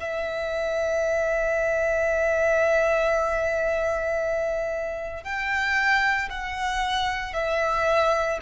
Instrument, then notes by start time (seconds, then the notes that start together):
violin
0.00 E5
5.23 G5
6.30 F#5
7.33 E5